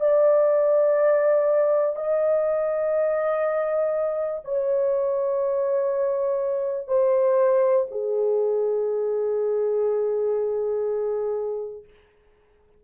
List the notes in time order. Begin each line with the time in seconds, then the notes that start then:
0.00 D5
1.96 D#5
4.44 C#5
6.87 C5
7.90 G#4